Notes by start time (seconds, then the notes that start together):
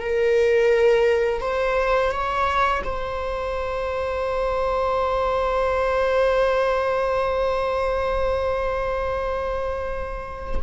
0.00 A#4
1.41 C5
2.11 C#5
2.84 C5